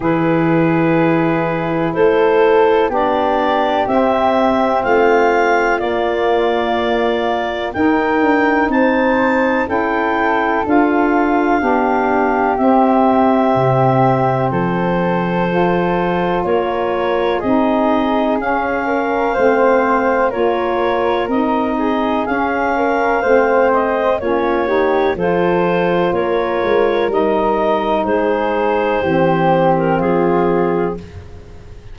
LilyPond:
<<
  \new Staff \with { instrumentName = "clarinet" } { \time 4/4 \tempo 4 = 62 b'2 c''4 d''4 | e''4 f''4 d''2 | g''4 a''4 g''4 f''4~ | f''4 e''2 c''4~ |
c''4 cis''4 dis''4 f''4~ | f''4 cis''4 dis''4 f''4~ | f''8 dis''8 cis''4 c''4 cis''4 | dis''4 c''4.~ c''16 ais'16 gis'4 | }
  \new Staff \with { instrumentName = "flute" } { \time 4/4 gis'2 a'4 g'4~ | g'4 f'2. | ais'4 c''4 a'2 | g'2. a'4~ |
a'4 ais'4 gis'4. ais'8 | c''4 ais'4. gis'4 ais'8 | c''4 f'8 g'8 a'4 ais'4~ | ais'4 gis'4 g'4 f'4 | }
  \new Staff \with { instrumentName = "saxophone" } { \time 4/4 e'2. d'4 | c'2 ais2 | dis'2 e'4 f'4 | d'4 c'2. |
f'2 dis'4 cis'4 | c'4 f'4 dis'4 cis'4 | c'4 cis'8 dis'8 f'2 | dis'2 c'2 | }
  \new Staff \with { instrumentName = "tuba" } { \time 4/4 e2 a4 b4 | c'4 a4 ais2 | dis'8 d'8 c'4 cis'4 d'4 | b4 c'4 c4 f4~ |
f4 ais4 c'4 cis'4 | a4 ais4 c'4 cis'4 | a4 ais4 f4 ais8 gis8 | g4 gis4 e4 f4 | }
>>